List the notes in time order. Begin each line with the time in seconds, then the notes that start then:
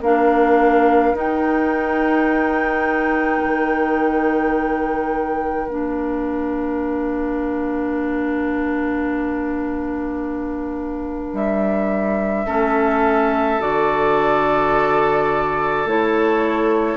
0.00 A#3 D4 A#4 F5
1.13 D#4 G5
3.43 D#3
5.68 A#3 D4 F5
11.33 G3 E5
12.46 A3 C#4 A4
13.59 D3 F#4 D5
15.85 A3 E4 C#5